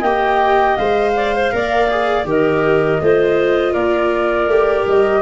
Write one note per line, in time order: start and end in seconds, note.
0.00 0.75 A#3
0.00 0.79 G4
0.00 1.11 D#5
0.00 0.76 G5
0.76 1.52 G#3
0.76 1.52 C5
0.76 2.25 F5
1.15 1.34 D5
1.34 1.52 C5
1.52 2.24 A#3
1.52 1.89 A#4
1.52 2.28 D5
1.90 2.25 G#4
2.24 2.98 D#3
2.24 2.99 G4
2.24 3.02 A#4
2.24 3.73 D#5
3.01 3.73 A3
3.01 4.50 F4
3.01 3.72 C5
3.72 4.47 A#3
3.72 5.20 A#4
3.72 4.84 D5
4.47 4.84 A3
4.47 5.22 G4
4.86 5.22 G3
4.86 5.22 D#5